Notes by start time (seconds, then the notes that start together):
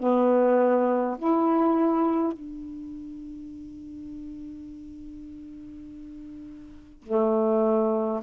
0.00 B3
1.19 E4
2.33 D4
7.03 A3